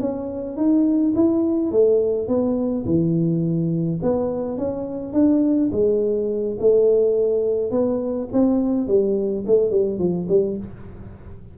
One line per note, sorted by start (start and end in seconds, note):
0.00 0.56 C#4
0.56 1.13 D#4
1.15 1.71 E4
1.71 2.28 A3
2.28 2.85 B3
2.85 3.99 E3
4.02 4.58 B3
4.58 5.13 C#4
5.13 5.70 D4
5.71 6.57 G#3
6.60 7.70 A3
7.70 8.28 B3
8.32 8.87 C4
8.87 9.44 G3
9.46 9.70 A3
9.70 9.98 G3
9.98 10.27 F3
10.28 10.57 G3